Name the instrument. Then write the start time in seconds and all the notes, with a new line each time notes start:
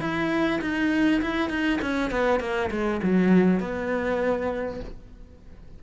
cello
0.00 E4
0.61 D#4
1.22 E4
1.50 D#4
1.82 C#4
2.11 B3
2.40 A#3
2.71 G#3
3.03 F#3
3.60 B3